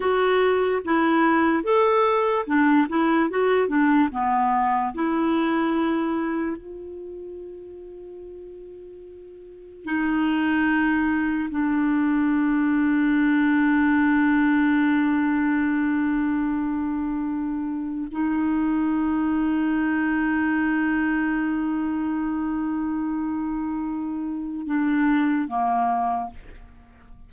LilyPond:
\new Staff \with { instrumentName = "clarinet" } { \time 4/4 \tempo 4 = 73 fis'4 e'4 a'4 d'8 e'8 | fis'8 d'8 b4 e'2 | f'1 | dis'2 d'2~ |
d'1~ | d'2 dis'2~ | dis'1~ | dis'2 d'4 ais4 | }